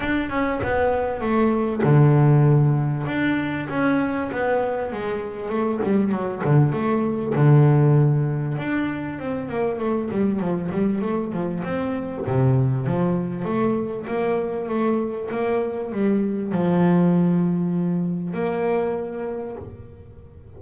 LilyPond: \new Staff \with { instrumentName = "double bass" } { \time 4/4 \tempo 4 = 98 d'8 cis'8 b4 a4 d4~ | d4 d'4 cis'4 b4 | gis4 a8 g8 fis8 d8 a4 | d2 d'4 c'8 ais8 |
a8 g8 f8 g8 a8 f8 c'4 | c4 f4 a4 ais4 | a4 ais4 g4 f4~ | f2 ais2 | }